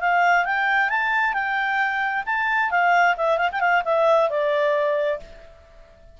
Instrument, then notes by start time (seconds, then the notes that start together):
clarinet
0.00 F5
0.45 G5
0.89 A5
1.33 G5
2.26 A5
2.70 F5
3.17 E5
3.38 F5
3.52 G5
3.60 F5
3.85 E5
4.29 D5